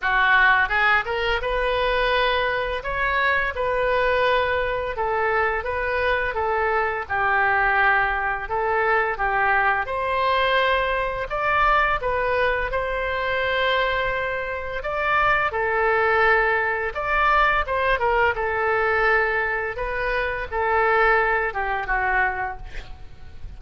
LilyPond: \new Staff \with { instrumentName = "oboe" } { \time 4/4 \tempo 4 = 85 fis'4 gis'8 ais'8 b'2 | cis''4 b'2 a'4 | b'4 a'4 g'2 | a'4 g'4 c''2 |
d''4 b'4 c''2~ | c''4 d''4 a'2 | d''4 c''8 ais'8 a'2 | b'4 a'4. g'8 fis'4 | }